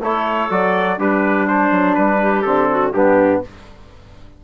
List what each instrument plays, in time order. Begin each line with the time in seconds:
0.00 bassoon A3, trombone E4, clarinet A4, trumpet C#5
0.50 bassoon F#3, trombone F#4, trumpet D5
0.97 bassoon G3, clarinet D4, trombone G4, trumpet B4
1.47 trombone D4, trumpet C5
1.71 bassoon F#3
1.94 bassoon G3, trumpet B4
2.21 clarinet G4
2.41 bassoon D3, trombone C4, trumpet A4
2.70 clarinet F#4
2.92 bassoon G2, trombone B3, clarinet D4, trumpet G4